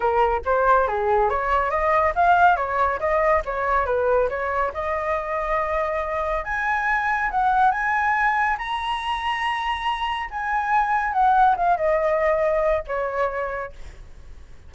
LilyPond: \new Staff \with { instrumentName = "flute" } { \time 4/4 \tempo 4 = 140 ais'4 c''4 gis'4 cis''4 | dis''4 f''4 cis''4 dis''4 | cis''4 b'4 cis''4 dis''4~ | dis''2. gis''4~ |
gis''4 fis''4 gis''2 | ais''1 | gis''2 fis''4 f''8 dis''8~ | dis''2 cis''2 | }